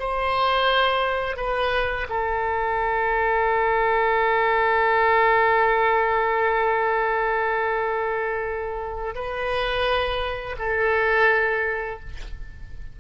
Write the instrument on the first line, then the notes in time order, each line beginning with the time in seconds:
oboe
0.00 C5
1.37 B4
2.10 A4
9.15 B4
10.59 A4